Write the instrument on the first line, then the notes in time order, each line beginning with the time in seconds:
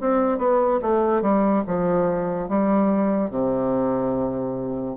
bassoon
0.00 C4
0.37 B3
0.81 A3
1.21 G3
1.66 F3
2.48 G3
3.30 C3